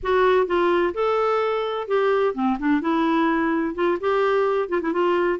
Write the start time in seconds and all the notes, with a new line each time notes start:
0.02 F#4
0.46 F4
0.94 A4
1.87 G4
2.34 C4
2.59 D4
2.81 E4
3.74 F4
4.00 G4
4.68 F4
4.81 E4
4.92 F4